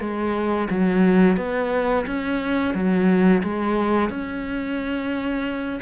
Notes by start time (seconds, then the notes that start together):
0.00 G#3
0.70 F#3
1.37 B3
2.06 C#4
2.74 F#3
3.43 G#3
4.09 C#4